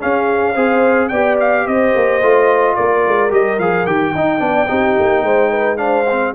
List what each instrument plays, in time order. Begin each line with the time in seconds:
0.00 trombone C#4, tuba C#4, horn G#4, trumpet F5
0.55 tuba C4, trombone G#4, horn C5
1.09 tuba B3, trombone G4, horn D5, trumpet G5
1.40 trumpet F5
1.66 tuba C4, horn C5, trumpet D#5
1.95 tuba A#3
2.22 tuba A3, trombone F4
2.76 tuba A#3, horn A#4, trumpet D5
3.07 tuba G#3
3.30 tuba G3, trombone G4, trumpet D#5
3.59 tuba F3, trombone G#4, trumpet F5
3.86 tuba D#3, trombone G4, trumpet G5
4.15 tuba D#4, trombone D#4, horn D#5
4.39 tuba B3, trombone D4, horn D5
4.68 tuba C4, trombone D#4, horn G4
5.00 tuba A#3
5.23 tuba G#3, horn C5
5.51 horn B4
5.78 trombone D4, horn C5, trumpet F5
6.10 trombone C4